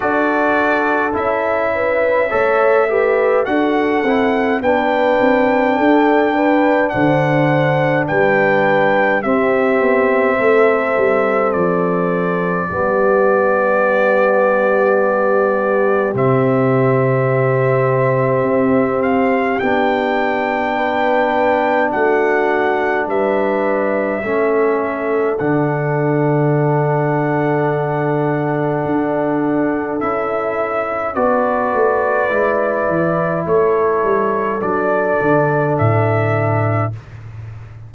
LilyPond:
<<
  \new Staff \with { instrumentName = "trumpet" } { \time 4/4 \tempo 4 = 52 d''4 e''2 fis''4 | g''2 fis''4 g''4 | e''2 d''2~ | d''2 e''2~ |
e''8 f''8 g''2 fis''4 | e''2 fis''2~ | fis''2 e''4 d''4~ | d''4 cis''4 d''4 e''4 | }
  \new Staff \with { instrumentName = "horn" } { \time 4/4 a'4. b'8 cis''8 b'8 a'4 | b'4 a'8 b'8 c''4 b'4 | g'4 a'2 g'4~ | g'1~ |
g'2 b'4 fis'4 | b'4 a'2.~ | a'2. b'4~ | b'4 a'2. | }
  \new Staff \with { instrumentName = "trombone" } { \time 4/4 fis'4 e'4 a'8 g'8 fis'8 e'8 | d'1 | c'2. b4~ | b2 c'2~ |
c'4 d'2.~ | d'4 cis'4 d'2~ | d'2 e'4 fis'4 | e'2 d'2 | }
  \new Staff \with { instrumentName = "tuba" } { \time 4/4 d'4 cis'4 a4 d'8 c'8 | b8 c'8 d'4 d4 g4 | c'8 b8 a8 g8 f4 g4~ | g2 c2 |
c'4 b2 a4 | g4 a4 d2~ | d4 d'4 cis'4 b8 a8 | gis8 e8 a8 g8 fis8 d8 a,4 | }
>>